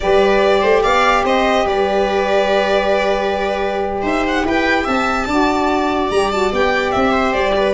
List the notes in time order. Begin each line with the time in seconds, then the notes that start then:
0.00 G3 G4 B4 D5
0.61 A3 C5
0.82 B3 D5 F5
1.24 C4 C5 D#5
1.65 G3 B4 D5
4.02 D#4 C5 E5
4.27 F#5
4.44 E4 B4 G5
4.84 C4 E5 A5
5.26 D4 F#4 D5
6.10 G3 G4 A#5
6.31 F#4 A5
6.52 B3 G4 G5
6.91 C4 E5
7.11 C5
7.32 G3 D5
7.56 B4